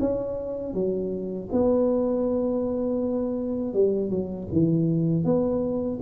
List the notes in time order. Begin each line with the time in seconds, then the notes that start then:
0.00 C#4
0.74 F#3
1.52 B3
3.73 G3
4.10 F#3
4.52 E3
5.24 B3